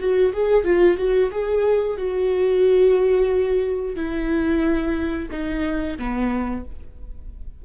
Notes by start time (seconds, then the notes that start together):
0.00 F#4
0.34 G#4
0.65 F4
0.98 F#4
1.32 G#4
1.97 F#4
3.96 E4
5.32 D#4
5.99 B3